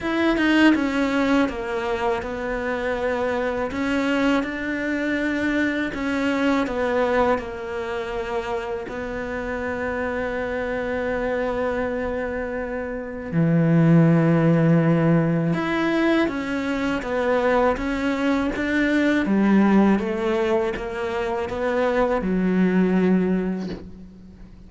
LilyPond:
\new Staff \with { instrumentName = "cello" } { \time 4/4 \tempo 4 = 81 e'8 dis'8 cis'4 ais4 b4~ | b4 cis'4 d'2 | cis'4 b4 ais2 | b1~ |
b2 e2~ | e4 e'4 cis'4 b4 | cis'4 d'4 g4 a4 | ais4 b4 fis2 | }